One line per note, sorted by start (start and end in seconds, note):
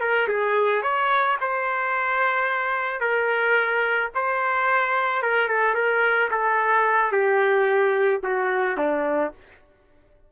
0.00 0.27 A#4
0.28 0.82 G#4
0.82 1.37 C#5
1.40 3.00 C5
3.00 4.09 A#4
4.14 5.22 C5
5.22 5.48 A#4
5.48 5.74 A4
5.74 6.29 A#4
6.31 7.12 A4
7.12 8.21 G4
8.23 8.77 F#4
8.77 9.31 D4